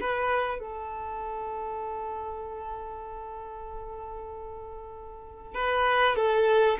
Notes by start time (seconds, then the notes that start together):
0.00 B4
0.59 A4
5.54 B4
6.16 A4